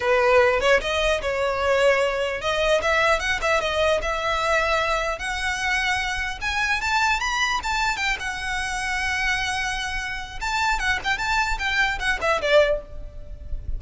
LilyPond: \new Staff \with { instrumentName = "violin" } { \time 4/4 \tempo 4 = 150 b'4. cis''8 dis''4 cis''4~ | cis''2 dis''4 e''4 | fis''8 e''8 dis''4 e''2~ | e''4 fis''2. |
gis''4 a''4 b''4 a''4 | g''8 fis''2.~ fis''8~ | fis''2 a''4 fis''8 g''8 | a''4 g''4 fis''8 e''8 d''4 | }